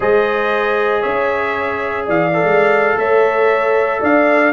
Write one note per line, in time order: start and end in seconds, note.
0.00 1.03 G#3
0.00 2.32 G#4
0.00 1.01 C5
0.00 1.02 D#5
1.01 2.08 C#4
1.01 2.04 C#5
1.01 2.05 E5
2.06 2.43 E3
2.06 2.96 D5
2.06 2.98 F5
2.33 4.52 A4
2.43 2.95 G#3
2.95 3.99 A3
2.95 4.00 C#5
2.95 4.02 E5
4.00 4.52 D4
4.00 4.52 D5
4.00 4.52 F5